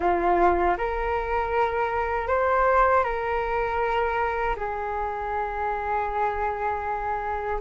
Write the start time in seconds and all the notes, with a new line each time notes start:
0.00 F4
0.77 A#4
2.27 C5
3.03 A#4
4.56 G#4